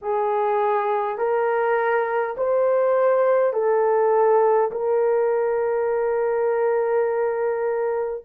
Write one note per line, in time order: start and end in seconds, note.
0.01 1.18 G#4
1.18 2.35 A#4
2.37 3.53 C5
3.53 4.71 A4
4.71 8.24 A#4